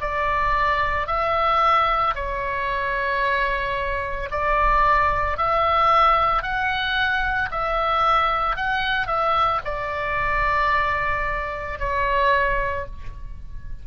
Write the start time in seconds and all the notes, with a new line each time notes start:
0.00 D5
1.07 E5
2.15 C#5
4.31 D5
5.37 E5
6.42 F#5
7.51 E5
8.56 F#5
9.07 E5
9.64 D5
11.79 C#5